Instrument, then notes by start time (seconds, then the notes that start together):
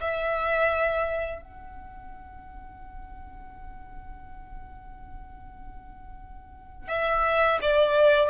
violin
0.00 E5
1.41 F#5
6.88 E5
7.61 D5